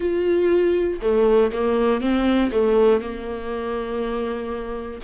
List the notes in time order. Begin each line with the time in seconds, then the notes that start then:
0.00 F4
1.01 A3
1.52 A#3
2.00 C4
2.51 A3
3.00 A#3